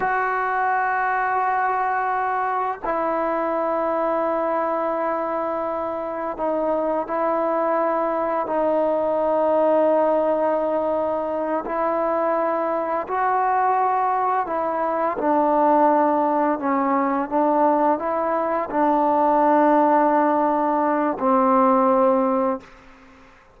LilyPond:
\new Staff \with { instrumentName = "trombone" } { \time 4/4 \tempo 4 = 85 fis'1 | e'1~ | e'4 dis'4 e'2 | dis'1~ |
dis'8 e'2 fis'4.~ | fis'8 e'4 d'2 cis'8~ | cis'8 d'4 e'4 d'4.~ | d'2 c'2 | }